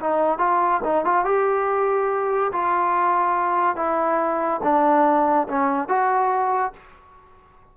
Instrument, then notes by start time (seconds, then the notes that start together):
trombone
0.00 D#4
0.39 F4
0.84 D#4
1.05 F4
1.25 G4
2.53 F4
3.76 E4
4.63 D4
5.48 C#4
5.88 F#4